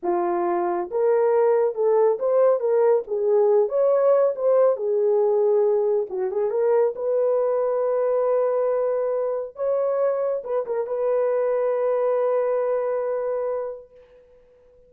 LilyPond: \new Staff \with { instrumentName = "horn" } { \time 4/4 \tempo 4 = 138 f'2 ais'2 | a'4 c''4 ais'4 gis'4~ | gis'8 cis''4. c''4 gis'4~ | gis'2 fis'8 gis'8 ais'4 |
b'1~ | b'2 cis''2 | b'8 ais'8 b'2.~ | b'1 | }